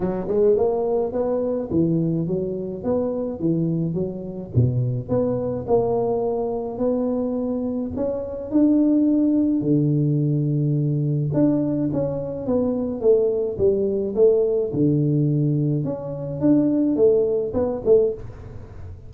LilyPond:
\new Staff \with { instrumentName = "tuba" } { \time 4/4 \tempo 4 = 106 fis8 gis8 ais4 b4 e4 | fis4 b4 e4 fis4 | b,4 b4 ais2 | b2 cis'4 d'4~ |
d'4 d2. | d'4 cis'4 b4 a4 | g4 a4 d2 | cis'4 d'4 a4 b8 a8 | }